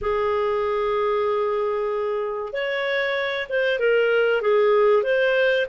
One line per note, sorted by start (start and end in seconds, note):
0.01 2.52 G#4
2.52 3.47 C#5
3.49 3.79 C5
3.79 4.41 A#4
4.41 5.03 G#4
5.03 5.66 C5